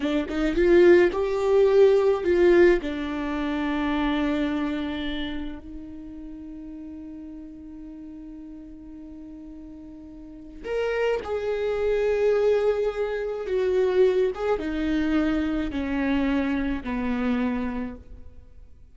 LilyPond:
\new Staff \with { instrumentName = "viola" } { \time 4/4 \tempo 4 = 107 d'8 dis'8 f'4 g'2 | f'4 d'2.~ | d'2 dis'2~ | dis'1~ |
dis'2. ais'4 | gis'1 | fis'4. gis'8 dis'2 | cis'2 b2 | }